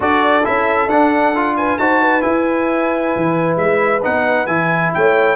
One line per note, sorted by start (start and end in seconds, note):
0.00 0.44 D4
0.00 0.42 F#4
0.00 1.55 A4
0.00 0.45 D5
0.44 0.87 C#4
0.44 0.89 E4
0.44 0.89 E5
0.87 1.76 D4
0.87 1.35 D4
0.87 1.56 F#5
1.35 1.79 F4
1.56 1.79 B4
1.56 1.78 G#5
1.78 2.24 D#4
1.78 2.21 F#4
1.78 2.01 C5
1.78 2.22 A5
2.01 4.92 B4
2.21 4.00 E4
2.21 3.14 E4
2.21 3.56 G#5
3.16 3.56 E3
3.56 4.01 G#3
3.56 4.02 E5
4.02 4.46 B3
4.02 4.47 D#4
4.02 4.46 F#5
4.46 4.91 E3
4.46 5.36 E4
4.46 4.91 G#5
4.94 5.36 A3
4.94 5.36 C#5
4.94 5.36 G5